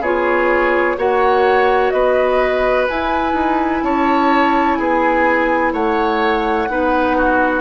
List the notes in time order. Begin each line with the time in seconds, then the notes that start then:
0.00 B3 F4 G#4 C#5
0.97 A#3 F#4 C#5 F#5
1.90 B3 B4 D#5
2.88 E4 G#5
3.33 D#4
3.82 C#4 C#5 A5
4.75 B3 G#4 G#5
5.73 A3 C#5 F#5
6.68 B3 D#4 B4
7.16 F#4